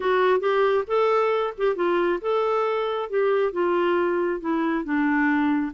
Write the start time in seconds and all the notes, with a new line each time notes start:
0.00 F#4
0.40 G4
0.87 A4
1.57 G4
1.75 F4
2.21 A4
3.09 G4
3.52 F4
4.40 E4
4.84 D4